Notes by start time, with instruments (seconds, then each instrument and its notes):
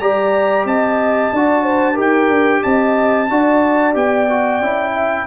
0.00 tuba G3, trombone G4, horn D5, trumpet A#5
0.65 tuba C4, horn D#5, trumpet A5
1.33 tuba D4, trombone F#4, horn D5
1.64 horn C5
1.94 tuba D#4, trombone G4, horn A#4
2.01 trumpet G5
2.29 tuba D4
2.64 tuba C4, horn D#5, trumpet A5
3.30 tuba D4, trombone F#4, horn D5
3.94 tuba B3, trombone G4, trumpet G5
4.30 trombone F#4
4.61 tuba C#4, trombone E4
4.95 horn E5